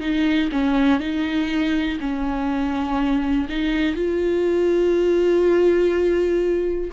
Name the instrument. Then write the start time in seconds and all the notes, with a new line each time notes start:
viola
0.00 D#4
0.51 C#4
1.00 D#4
2.00 C#4
3.49 D#4
3.95 F4